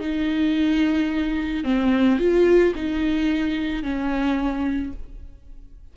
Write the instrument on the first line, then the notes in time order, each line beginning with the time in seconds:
viola
0.00 D#4
1.64 C4
2.19 F4
2.75 D#4
3.83 C#4